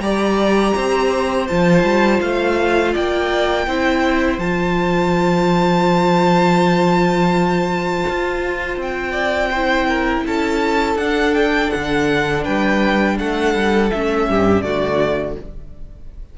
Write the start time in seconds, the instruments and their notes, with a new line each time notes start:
0.00 cello G3, viola G4, violin D5 A#5
0.75 cello C4, violin C5
1.47 cello F3, viola F4, violin A5
1.84 cello G3
2.21 cello A3, violin F5
2.93 cello A#3, violin D5 G5
3.67 cello C4, viola E4, violin C5
4.38 cello F3, viola F4, violin A5
8.09 cello F4
8.77 cello C4, violin G5
9.12 violin D5
9.51 viola E4, violin C5
9.88 violin A#4
10.27 cello C#4, violin A4 A5
10.96 cello D4, viola D4, violin F#5
11.34 violin G5
11.71 cello D3, violin F#5
12.44 cello G3, violin B4 G5
13.19 cello A3, violin A4 F#5
13.55 cello G3
13.91 cello A3, viola C#4, violin E5
14.29 cello G2, violin G4
14.62 cello D3, viola A3, violin F#4 D5